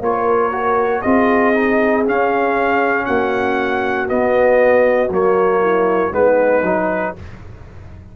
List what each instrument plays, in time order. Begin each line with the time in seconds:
0.00 tuba A#3, trombone F4, horn A#4, trumpet C#5
0.52 trombone F#4
1.02 tuba C4, trombone F4, horn G#4, trumpet D#5
1.54 trombone D#4
2.05 trombone C#4, tuba C#4, trumpet F5
3.05 tuba A#3, horn F#4, trumpet F#5
4.07 trombone B3, tuba B3, trumpet D#5
5.10 tuba F#3, trombone A#3, trumpet C#5
5.61 horn E4
6.11 tuba G#3, trombone B3, horn D#4, trumpet B4
6.62 tuba F#3, trombone D#4